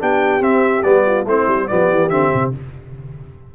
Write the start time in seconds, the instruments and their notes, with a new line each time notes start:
0.00 tuba B3, trombone D4, horn G4, trumpet G5
0.41 trombone C4, tuba C4, trumpet E5
0.83 tuba G3, trombone B3, trumpet D5
1.06 horn F4
1.26 tuba A3, trombone C4, horn E4, trumpet C5
1.48 tuba G3
1.68 tuba F3, trombone B3, horn G4, trumpet D5
1.90 tuba E3
2.10 tuba D3, trombone C4, trumpet E5
2.34 tuba C3